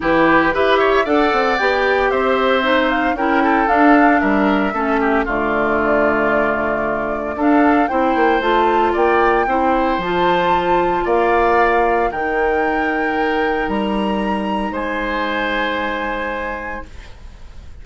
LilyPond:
<<
  \new Staff \with { instrumentName = "flute" } { \time 4/4 \tempo 4 = 114 b'4 e''4 fis''4 g''4 | e''4. f''8 g''4 f''4 | e''2 d''2~ | d''2 f''4 g''4 |
a''4 g''2 a''4~ | a''4 f''2 g''4~ | g''2 ais''2 | gis''1 | }
  \new Staff \with { instrumentName = "oboe" } { \time 4/4 g'4 b'8 cis''8 d''2 | c''2 ais'8 a'4. | ais'4 a'8 g'8 f'2~ | f'2 a'4 c''4~ |
c''4 d''4 c''2~ | c''4 d''2 ais'4~ | ais'1 | c''1 | }
  \new Staff \with { instrumentName = "clarinet" } { \time 4/4 e'4 g'4 a'4 g'4~ | g'4 dis'4 e'4 d'4~ | d'4 cis'4 a2~ | a2 d'4 e'4 |
f'2 e'4 f'4~ | f'2. dis'4~ | dis'1~ | dis'1 | }
  \new Staff \with { instrumentName = "bassoon" } { \time 4/4 e4 e'4 d'8 c'8 b4 | c'2 cis'4 d'4 | g4 a4 d2~ | d2 d'4 c'8 ais8 |
a4 ais4 c'4 f4~ | f4 ais2 dis4~ | dis2 g2 | gis1 | }
>>